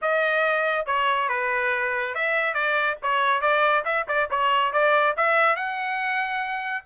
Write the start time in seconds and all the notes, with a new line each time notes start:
0.01 D#5
0.86 C#5
1.29 B4
2.14 E5
2.54 D5
3.02 C#5
3.41 D5
3.85 E5
4.08 D5
4.30 C#5
4.72 D5
5.16 E5
5.56 F#5